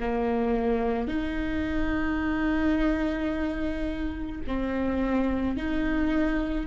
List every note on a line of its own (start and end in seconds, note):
0.00 1.08 A#3
1.08 4.41 D#4
4.47 5.57 C4
5.57 6.67 D#4